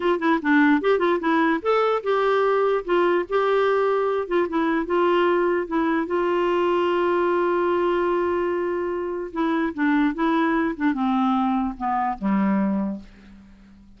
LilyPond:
\new Staff \with { instrumentName = "clarinet" } { \time 4/4 \tempo 4 = 148 f'8 e'8 d'4 g'8 f'8 e'4 | a'4 g'2 f'4 | g'2~ g'8 f'8 e'4 | f'2 e'4 f'4~ |
f'1~ | f'2. e'4 | d'4 e'4. d'8 c'4~ | c'4 b4 g2 | }